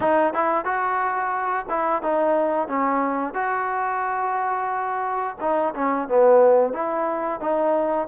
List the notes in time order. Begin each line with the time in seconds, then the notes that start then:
0.00 D#4
0.33 E4
0.64 F#4
1.69 E4
2.02 D#4
2.68 C#4
3.34 F#4
5.40 D#4
5.75 C#4
6.08 B3
6.73 E4
7.40 D#4